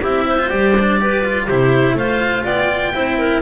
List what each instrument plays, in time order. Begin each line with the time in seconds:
0.00 double bass C4, cello E4, clarinet G4, oboe E5
0.26 clarinet C5
0.38 cello F4
0.49 double bass G3, cello G4, oboe D5
0.79 cello D4
1.00 cello G4, clarinet B4
1.24 cello F4
1.44 double bass C3, cello E4, clarinet G4, oboe C5
1.94 double bass A3, cello F4, clarinet C5, oboe F5
2.44 double bass B3, clarinet D5, oboe G5
2.93 double bass C4, cello E4, clarinet C5
3.18 clarinet A#4